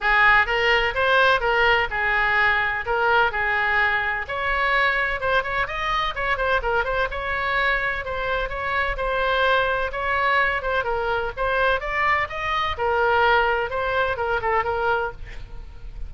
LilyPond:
\new Staff \with { instrumentName = "oboe" } { \time 4/4 \tempo 4 = 127 gis'4 ais'4 c''4 ais'4 | gis'2 ais'4 gis'4~ | gis'4 cis''2 c''8 cis''8 | dis''4 cis''8 c''8 ais'8 c''8 cis''4~ |
cis''4 c''4 cis''4 c''4~ | c''4 cis''4. c''8 ais'4 | c''4 d''4 dis''4 ais'4~ | ais'4 c''4 ais'8 a'8 ais'4 | }